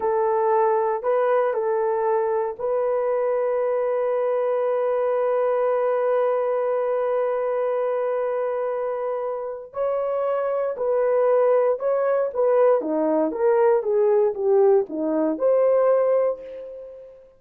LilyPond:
\new Staff \with { instrumentName = "horn" } { \time 4/4 \tempo 4 = 117 a'2 b'4 a'4~ | a'4 b'2.~ | b'1~ | b'1~ |
b'2. cis''4~ | cis''4 b'2 cis''4 | b'4 dis'4 ais'4 gis'4 | g'4 dis'4 c''2 | }